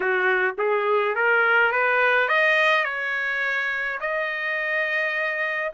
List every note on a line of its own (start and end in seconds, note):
0.00 0.55 F#4
0.58 1.15 G#4
1.15 1.72 A#4
1.72 2.28 B4
2.28 2.84 D#5
2.84 3.98 C#5
4.00 5.71 D#5